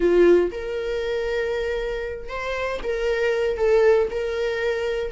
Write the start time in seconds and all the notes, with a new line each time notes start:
0.00 F4
0.51 A#4
2.28 C5
2.83 A#4
3.57 A4
4.10 A#4